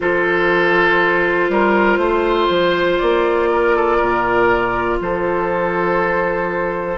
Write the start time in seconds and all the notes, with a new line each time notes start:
0.00 F3 F4 A4 C5
1.49 G3 A#4
1.97 A3 C5
2.49 F3
2.98 A#3 D5
3.51 A#4
3.76 A4
3.96 A#2 A#4
5.00 F3 A4 C5